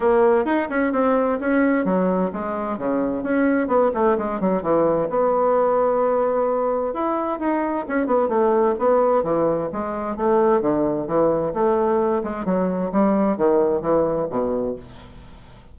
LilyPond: \new Staff \with { instrumentName = "bassoon" } { \time 4/4 \tempo 4 = 130 ais4 dis'8 cis'8 c'4 cis'4 | fis4 gis4 cis4 cis'4 | b8 a8 gis8 fis8 e4 b4~ | b2. e'4 |
dis'4 cis'8 b8 a4 b4 | e4 gis4 a4 d4 | e4 a4. gis8 fis4 | g4 dis4 e4 b,4 | }